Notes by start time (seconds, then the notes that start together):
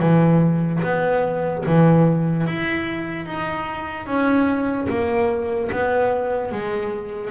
0.00 E3
0.83 B3
1.66 E3
2.47 E4
3.26 D#4
4.07 C#4
4.89 A#3
5.72 B3
6.52 G#3